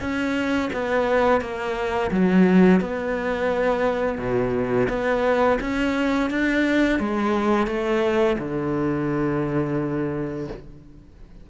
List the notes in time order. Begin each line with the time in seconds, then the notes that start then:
0.00 C#4
0.73 B3
1.41 A#3
2.11 F#3
2.80 B3
4.18 B2
4.89 B3
5.60 C#4
6.30 D4
6.99 G#3
7.67 A3
8.38 D3